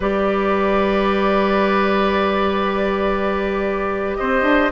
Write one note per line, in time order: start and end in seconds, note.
0.00 4.16 G3
0.00 4.72 G4
0.00 4.17 B4
0.00 4.16 D5
4.16 4.42 C4
4.16 4.72 C5
4.16 4.71 D#5
4.42 4.70 D4